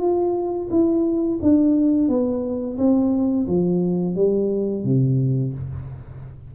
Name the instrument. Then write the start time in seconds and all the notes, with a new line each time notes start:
tuba
0.00 F4
0.71 E4
1.42 D4
2.09 B3
2.78 C4
3.47 F3
4.16 G3
4.84 C3